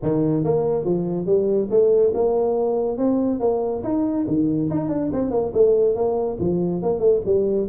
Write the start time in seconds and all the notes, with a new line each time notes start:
0.02 D#3
0.44 A#3
0.84 F3
1.26 G3
1.70 A3
2.14 A#3
2.97 C4
3.39 A#3
3.83 D#4
4.27 D#3
4.70 D#4
4.88 D4
5.12 C4
5.30 A#3
5.53 A3
5.95 A#3
6.39 F3
6.82 A#3
6.99 A3
7.25 G3